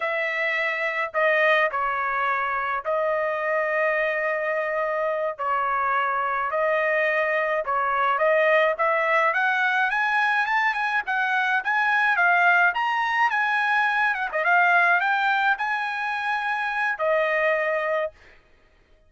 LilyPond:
\new Staff \with { instrumentName = "trumpet" } { \time 4/4 \tempo 4 = 106 e''2 dis''4 cis''4~ | cis''4 dis''2.~ | dis''4. cis''2 dis''8~ | dis''4. cis''4 dis''4 e''8~ |
e''8 fis''4 gis''4 a''8 gis''8 fis''8~ | fis''8 gis''4 f''4 ais''4 gis''8~ | gis''4 fis''16 dis''16 f''4 g''4 gis''8~ | gis''2 dis''2 | }